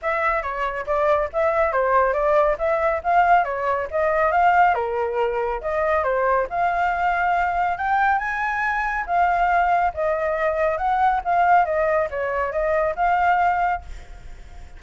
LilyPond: \new Staff \with { instrumentName = "flute" } { \time 4/4 \tempo 4 = 139 e''4 cis''4 d''4 e''4 | c''4 d''4 e''4 f''4 | cis''4 dis''4 f''4 ais'4~ | ais'4 dis''4 c''4 f''4~ |
f''2 g''4 gis''4~ | gis''4 f''2 dis''4~ | dis''4 fis''4 f''4 dis''4 | cis''4 dis''4 f''2 | }